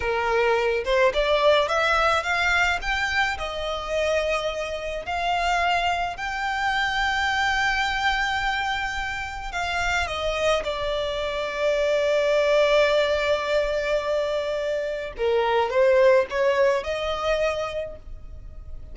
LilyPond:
\new Staff \with { instrumentName = "violin" } { \time 4/4 \tempo 4 = 107 ais'4. c''8 d''4 e''4 | f''4 g''4 dis''2~ | dis''4 f''2 g''4~ | g''1~ |
g''4 f''4 dis''4 d''4~ | d''1~ | d''2. ais'4 | c''4 cis''4 dis''2 | }